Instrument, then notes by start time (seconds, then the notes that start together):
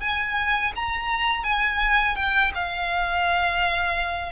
violin
0.00 G#5
0.75 A#5
1.44 G#5
2.15 G5
2.54 F5